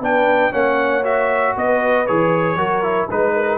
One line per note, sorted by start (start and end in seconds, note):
0.00 0.51 B3
0.00 0.51 D4
0.00 0.52 B4
0.00 0.53 G5
0.51 1.56 A#3
0.51 1.03 C#4
0.51 1.55 C#5
0.51 1.04 F#5
1.04 2.07 F#4
1.04 1.56 E5
1.56 2.08 B3
1.56 2.57 B4
1.56 2.07 D#5
2.07 2.56 E3
2.07 2.57 G#4
2.07 3.09 C#5
2.56 3.07 F#3
2.56 2.83 F#4
2.56 3.09 A#4
2.83 3.08 E4
3.10 3.58 G#3
3.10 3.58 D#4
3.10 3.35 B4
3.10 3.58 B4
3.35 3.58 A#4